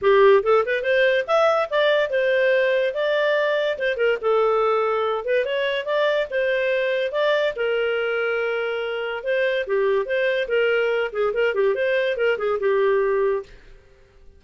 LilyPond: \new Staff \with { instrumentName = "clarinet" } { \time 4/4 \tempo 4 = 143 g'4 a'8 b'8 c''4 e''4 | d''4 c''2 d''4~ | d''4 c''8 ais'8 a'2~ | a'8 b'8 cis''4 d''4 c''4~ |
c''4 d''4 ais'2~ | ais'2 c''4 g'4 | c''4 ais'4. gis'8 ais'8 g'8 | c''4 ais'8 gis'8 g'2 | }